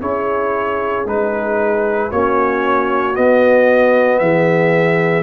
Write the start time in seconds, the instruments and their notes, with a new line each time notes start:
0.00 tuba C#4, trombone E4, horn G#4, trumpet C#5
1.05 tuba G#3, trombone D#4, trumpet B4
2.10 tuba A#3, trombone C#4, horn F#4, trumpet C#5
3.13 trombone B3, tuba B3, trumpet D#5
4.19 tuba E3, horn G#4, trumpet E5